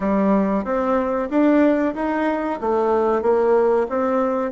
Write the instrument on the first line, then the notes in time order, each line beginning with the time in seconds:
bassoon
0.00 G3
0.64 C4
1.30 D4
1.94 D#4
2.60 A3
3.22 A#3
3.89 C4